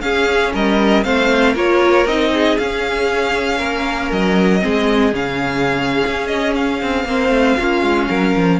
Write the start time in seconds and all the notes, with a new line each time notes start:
0.00 C#4 G#4 F5
0.53 G3 A#4 D#5
1.03 A3 C4 C5 F5
1.52 A#3 F4 A#4 C#5
2.05 C4 D#4 D#5
2.33 G#4
2.57 C#4 F5
3.57 A#3 A#4
4.11 F#3 D#5
4.60 G#3 C4 G#4
5.12 C#3 C#4 F5
6.06 C#4
6.27 D#5
6.55 F5
6.82 C4
7.04 A#3 C4 C5
7.28 A3
7.58 A#3 C#4 F4
7.82 G#3
8.08 F#3 A#4
8.36 F3